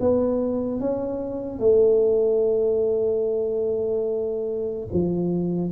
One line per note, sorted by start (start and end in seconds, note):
0.00 0.80 B3
0.80 1.60 C#4
1.60 4.88 A3
4.93 5.72 F3